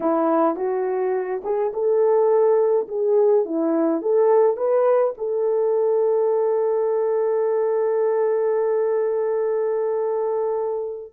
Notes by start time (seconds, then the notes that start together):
0.00 E4
0.56 F#4
1.43 G#4
1.73 A4
2.88 G#4
3.45 E4
4.01 A4
4.57 B4
5.17 A4